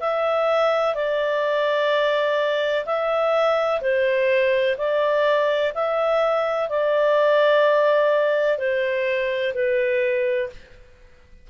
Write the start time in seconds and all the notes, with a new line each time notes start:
0.00 E5
0.95 D5
2.86 E5
3.81 C5
4.77 D5
5.74 E5
6.69 D5
8.58 C5
9.54 B4